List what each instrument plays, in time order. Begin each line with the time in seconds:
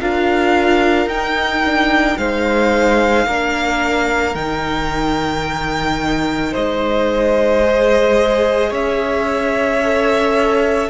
0.00 cello D4, viola F4, violin A#4 F5
1.06 cello D#4, viola D#4, violin G5
1.65 viola D4
2.17 cello G#3, viola D#4, violin C5 F5
3.26 cello A#3, viola D4, violin A#4
4.35 cello D#3, viola D#4, violin G5
6.52 cello G#3, violin C5 D#5
7.62 viola G#4
8.70 cello C#4, violin C#5 E5
9.83 viola A4